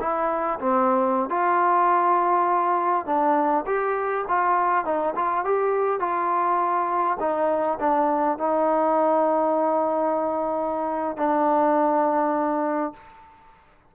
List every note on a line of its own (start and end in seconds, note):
0.00 0.59 E4
0.59 1.29 C4
1.29 3.05 F4
3.05 3.64 D4
3.66 4.24 G4
4.28 4.84 F4
4.84 5.14 D#4
5.15 5.44 F4
5.44 5.99 G4
5.99 7.17 F4
7.20 7.78 D#4
7.79 8.38 D4
8.38 11.17 D#4
11.17 12.93 D4